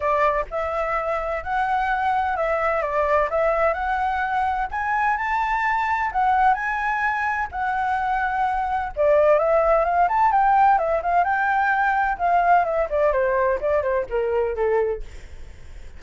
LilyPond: \new Staff \with { instrumentName = "flute" } { \time 4/4 \tempo 4 = 128 d''4 e''2 fis''4~ | fis''4 e''4 d''4 e''4 | fis''2 gis''4 a''4~ | a''4 fis''4 gis''2 |
fis''2. d''4 | e''4 f''8 a''8 g''4 e''8 f''8 | g''2 f''4 e''8 d''8 | c''4 d''8 c''8 ais'4 a'4 | }